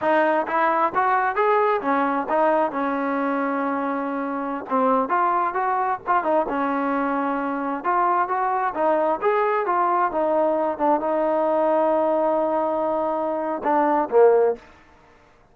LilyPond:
\new Staff \with { instrumentName = "trombone" } { \time 4/4 \tempo 4 = 132 dis'4 e'4 fis'4 gis'4 | cis'4 dis'4 cis'2~ | cis'2~ cis'16 c'4 f'8.~ | f'16 fis'4 f'8 dis'8 cis'4.~ cis'16~ |
cis'4~ cis'16 f'4 fis'4 dis'8.~ | dis'16 gis'4 f'4 dis'4. d'16~ | d'16 dis'2.~ dis'8.~ | dis'2 d'4 ais4 | }